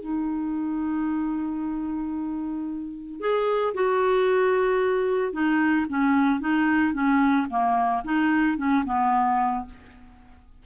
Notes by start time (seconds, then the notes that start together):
0.00 D#4
3.20 G#4
3.74 F#4
5.32 D#4
5.89 C#4
6.40 D#4
6.93 C#4
7.49 A#3
8.04 D#4
8.57 C#4
8.85 B3